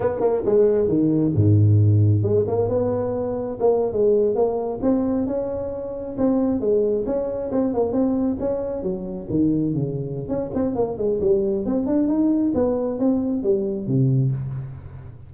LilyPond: \new Staff \with { instrumentName = "tuba" } { \time 4/4 \tempo 4 = 134 b8 ais8 gis4 dis4 gis,4~ | gis,4 gis8 ais8 b2 | ais8. gis4 ais4 c'4 cis'16~ | cis'4.~ cis'16 c'4 gis4 cis'16~ |
cis'8. c'8 ais8 c'4 cis'4 fis16~ | fis8. dis4 cis4~ cis16 cis'8 c'8 | ais8 gis8 g4 c'8 d'8 dis'4 | b4 c'4 g4 c4 | }